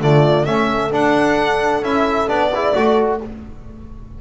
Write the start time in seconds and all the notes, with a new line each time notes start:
0.00 D3 A3 F4 D5
0.45 A3 C#4 A4 E5
0.91 D4 F#5
1.81 C#4 E4 E5
2.27 B3 D4 D5
2.53 E4 G#4
2.75 A3 F#4 A4